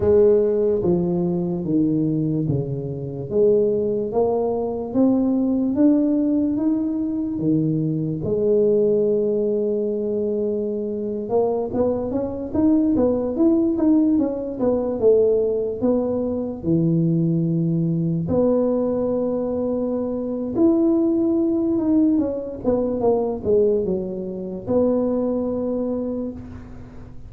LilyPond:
\new Staff \with { instrumentName = "tuba" } { \time 4/4 \tempo 4 = 73 gis4 f4 dis4 cis4 | gis4 ais4 c'4 d'4 | dis'4 dis4 gis2~ | gis4.~ gis16 ais8 b8 cis'8 dis'8 b16~ |
b16 e'8 dis'8 cis'8 b8 a4 b8.~ | b16 e2 b4.~ b16~ | b4 e'4. dis'8 cis'8 b8 | ais8 gis8 fis4 b2 | }